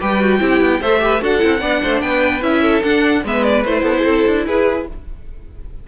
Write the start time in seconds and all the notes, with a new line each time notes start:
0.00 G3 G4 B4 G5
0.20 F#4
0.39 C4 E4 G4
0.61 B3
0.81 A3 A4 C5 E5
1.00 G4 B4
1.21 D4 F#4 A4 F#5
1.40 C4 E4
1.60 B3 D4 D5
1.83 A3 C5
2.01 B3 B4 G5
2.42 C#4 E4 E5
2.61 A4
2.84 D4 F#5
3.24 G#3 B3 B4 E5
3.44 D5
3.65 A3 E4 C5
3.82 B3 A4
3.99 C4 G#4 A4
4.27 D4
4.47 E4 G#4 B4